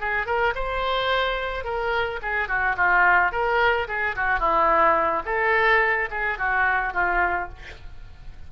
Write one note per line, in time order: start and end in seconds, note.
0.00 0.26 G#4
0.26 0.54 A#4
0.55 1.64 C5
1.64 2.19 A#4
2.22 2.48 G#4
2.48 2.76 F#4
2.76 3.32 F4
3.32 3.87 A#4
3.88 4.15 G#4
4.16 4.39 F#4
4.39 5.23 E4
5.25 6.09 A4
6.10 6.38 G#4
6.38 6.93 F#4
6.93 7.49 F4